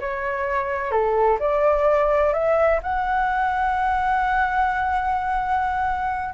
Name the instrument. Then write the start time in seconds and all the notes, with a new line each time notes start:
flute
0.00 C#5
0.91 A4
1.40 D5
2.34 E5
2.83 F#5